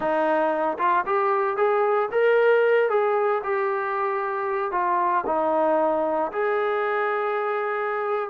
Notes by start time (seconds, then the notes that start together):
0.00 D#4
0.78 F4
1.06 G4
1.56 G#4
2.11 A#4
2.89 G#4
3.43 G4
4.71 F4
5.26 D#4
6.32 G#4